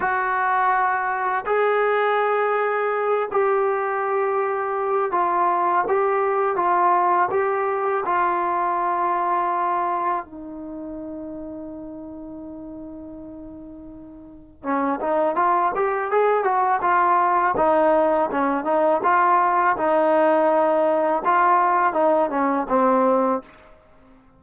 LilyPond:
\new Staff \with { instrumentName = "trombone" } { \time 4/4 \tempo 4 = 82 fis'2 gis'2~ | gis'8 g'2~ g'8 f'4 | g'4 f'4 g'4 f'4~ | f'2 dis'2~ |
dis'1 | cis'8 dis'8 f'8 g'8 gis'8 fis'8 f'4 | dis'4 cis'8 dis'8 f'4 dis'4~ | dis'4 f'4 dis'8 cis'8 c'4 | }